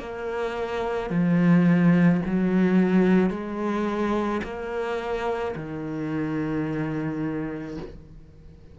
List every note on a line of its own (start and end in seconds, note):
0.00 1.11 A#3
1.11 2.22 F3
2.26 3.30 F#3
3.30 4.41 G#3
4.44 5.55 A#3
5.56 7.78 D#3